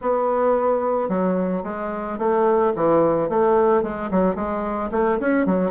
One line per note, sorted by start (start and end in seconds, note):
0.01 1.08 B3
1.08 1.63 F#3
1.63 2.18 G#3
2.18 2.72 A3
2.75 3.29 E3
3.29 3.83 A3
3.83 4.10 G#3
4.10 4.35 F#3
4.35 4.90 G#3
4.91 5.18 A3
5.20 5.45 C#4
5.45 5.71 F#3